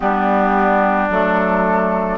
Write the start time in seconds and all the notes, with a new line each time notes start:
0.00 G3 B3 D4 G4
1.10 F#3 A3 A4